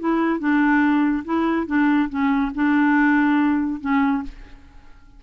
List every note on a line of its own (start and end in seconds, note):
0.00 0.40 E4
0.40 1.24 D4
1.25 1.67 E4
1.67 2.09 D4
2.10 2.52 C#4
2.55 3.81 D4
3.81 4.23 C#4